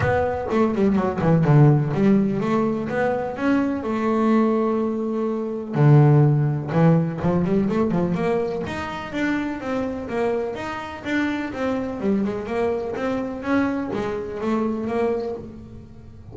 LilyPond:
\new Staff \with { instrumentName = "double bass" } { \time 4/4 \tempo 4 = 125 b4 a8 g8 fis8 e8 d4 | g4 a4 b4 cis'4 | a1 | d2 e4 f8 g8 |
a8 f8 ais4 dis'4 d'4 | c'4 ais4 dis'4 d'4 | c'4 g8 gis8 ais4 c'4 | cis'4 gis4 a4 ais4 | }